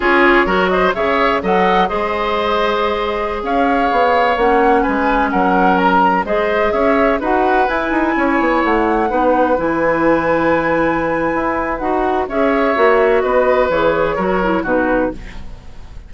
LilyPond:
<<
  \new Staff \with { instrumentName = "flute" } { \time 4/4 \tempo 4 = 127 cis''4. dis''8 e''4 fis''4 | dis''2.~ dis''16 f''8.~ | f''4~ f''16 fis''4 gis''4 fis''8.~ | fis''16 ais''4 dis''4 e''4 fis''8.~ |
fis''16 gis''2 fis''4.~ fis''16~ | fis''16 gis''2.~ gis''8.~ | gis''4 fis''4 e''2 | dis''4 cis''2 b'4 | }
  \new Staff \with { instrumentName = "oboe" } { \time 4/4 gis'4 ais'8 c''8 cis''4 dis''4 | c''2.~ c''16 cis''8.~ | cis''2~ cis''16 b'4 ais'8.~ | ais'4~ ais'16 c''4 cis''4 b'8.~ |
b'4~ b'16 cis''2 b'8.~ | b'1~ | b'2 cis''2 | b'2 ais'4 fis'4 | }
  \new Staff \with { instrumentName = "clarinet" } { \time 4/4 f'4 fis'4 gis'4 a'4 | gis'1~ | gis'4~ gis'16 cis'2~ cis'8.~ | cis'4~ cis'16 gis'2 fis'8.~ |
fis'16 e'2. dis'8.~ | dis'16 e'2.~ e'8.~ | e'4 fis'4 gis'4 fis'4~ | fis'4 gis'4 fis'8 e'8 dis'4 | }
  \new Staff \with { instrumentName = "bassoon" } { \time 4/4 cis'4 fis4 cis4 fis4 | gis2.~ gis16 cis'8.~ | cis'16 b4 ais4 gis4 fis8.~ | fis4~ fis16 gis4 cis'4 dis'8.~ |
dis'16 e'8 dis'8 cis'8 b8 a4 b8.~ | b16 e2.~ e8. | e'4 dis'4 cis'4 ais4 | b4 e4 fis4 b,4 | }
>>